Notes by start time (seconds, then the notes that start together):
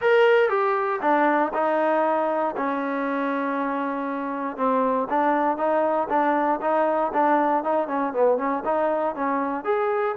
0.01 A#4
0.49 G4
1.01 D4
1.53 D#4
2.56 C#4
4.56 C4
5.09 D4
5.57 D#4
6.09 D4
6.61 D#4
7.13 D4
7.63 D#4
7.87 C#4
8.13 B3
8.37 C#4
8.64 D#4
9.15 C#4
9.64 G#4